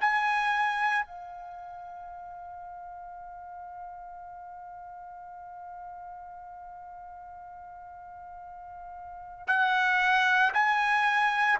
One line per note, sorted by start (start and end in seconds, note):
0.00 1.05 G#5
1.05 9.47 F5
9.47 10.52 F#5
10.54 11.59 G#5